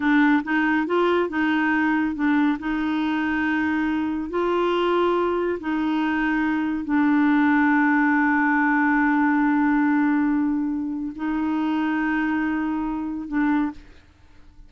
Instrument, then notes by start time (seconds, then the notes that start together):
clarinet
0.00 D4
0.43 D#4
0.86 F4
1.29 D#4
2.15 D4
2.59 D#4
4.30 F4
5.59 D#4
6.84 D4
11.15 D#4
13.28 D4